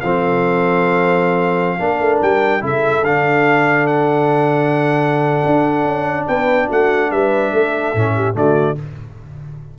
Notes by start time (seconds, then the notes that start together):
0.00 F3 C4 A4 F5
1.79 A#3 D4 A#4
2.00 A3
2.21 G3 G5
2.61 C#3 E4 A4 E5
3.02 D3 D4 F5
3.86 F#5
5.45 D4
5.84 C#4
6.27 B3 B4 G5
6.67 A3 F#4 F#5
7.11 G3 B4 E5
7.53 A3 A4
7.94 A2 C#4
8.15 G4
8.33 D3 A3 F#4 D5